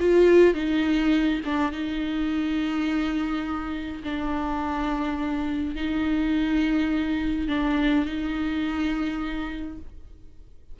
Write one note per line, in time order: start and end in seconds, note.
0.00 0.54 F4
0.54 1.41 D#4
1.45 1.72 D4
1.72 4.03 D#4
4.03 5.75 D4
5.75 7.48 D#4
7.48 8.05 D4
8.05 9.78 D#4